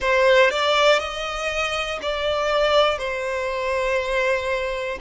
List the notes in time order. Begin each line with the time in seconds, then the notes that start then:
0.00 C5
0.50 D5
0.99 D#5
2.01 D5
2.98 C5